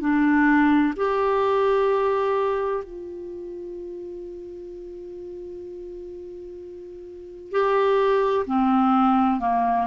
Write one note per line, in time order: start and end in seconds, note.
0.00 0.94 D4
0.96 2.84 G4
2.84 7.51 F4
7.51 8.45 G4
8.46 9.40 C4
9.40 9.87 A#3